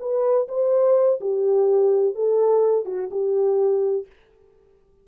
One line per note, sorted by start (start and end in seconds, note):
0.00 0.48 B4
0.48 1.20 C5
1.21 2.15 G4
2.15 2.86 A4
2.86 3.10 F#4
3.11 4.06 G4